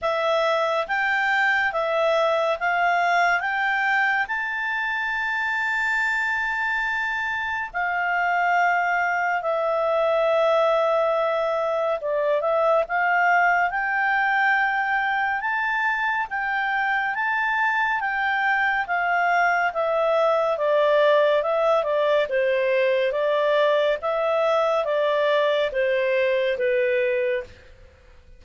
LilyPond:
\new Staff \with { instrumentName = "clarinet" } { \time 4/4 \tempo 4 = 70 e''4 g''4 e''4 f''4 | g''4 a''2.~ | a''4 f''2 e''4~ | e''2 d''8 e''8 f''4 |
g''2 a''4 g''4 | a''4 g''4 f''4 e''4 | d''4 e''8 d''8 c''4 d''4 | e''4 d''4 c''4 b'4 | }